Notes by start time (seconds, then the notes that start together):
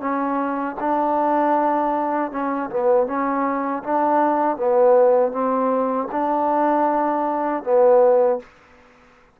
0.00 C#4
0.80 D4
2.31 C#4
2.70 B3
3.07 C#4
3.83 D4
4.57 B3
5.32 C4
6.11 D4
7.63 B3